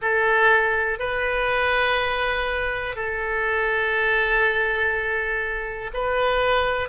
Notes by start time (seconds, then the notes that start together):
0.01 A4
0.99 B4
2.95 A4
5.93 B4